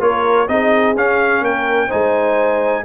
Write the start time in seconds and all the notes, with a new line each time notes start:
0.00 A#3 F4 A#4 C#5
0.48 C4 D#4 G#4 D#5
0.95 C#4 F5
1.41 A#3 A#4 G5
1.87 G#3 D#4 C5 G#5